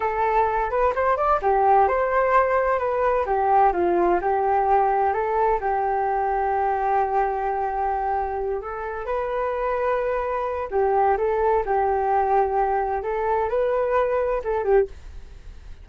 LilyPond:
\new Staff \with { instrumentName = "flute" } { \time 4/4 \tempo 4 = 129 a'4. b'8 c''8 d''8 g'4 | c''2 b'4 g'4 | f'4 g'2 a'4 | g'1~ |
g'2~ g'8 a'4 b'8~ | b'2. g'4 | a'4 g'2. | a'4 b'2 a'8 g'8 | }